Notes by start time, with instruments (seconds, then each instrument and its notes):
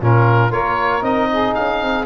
0.00 tuba A#2, trombone C#4, saxophone F4, oboe A#4
0.51 tuba A#3, trombone F4, saxophone A#4, oboe C#5
1.02 tuba C4, trombone D#4, oboe D#5
1.33 saxophone G#4
1.55 tuba C#4, oboe F5
1.83 tuba C4